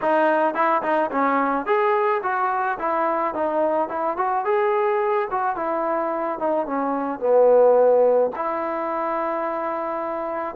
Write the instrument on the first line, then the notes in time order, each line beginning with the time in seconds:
trombone
0.01 D#4
0.54 E4
0.82 D#4
1.11 C#4
1.66 G#4
2.22 F#4
2.79 E4
3.34 D#4
3.89 E4
4.17 F#4
4.44 G#4
5.31 F#4
5.56 E4
6.39 D#4
6.66 C#4
7.19 B3
8.35 E4